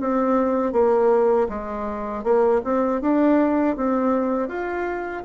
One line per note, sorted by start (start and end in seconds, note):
0.00 0.73 C4
0.73 1.48 A#3
1.49 2.24 G#3
2.24 2.61 A#3
2.64 3.01 C4
3.01 3.76 D4
3.76 4.48 C4
4.48 5.23 F4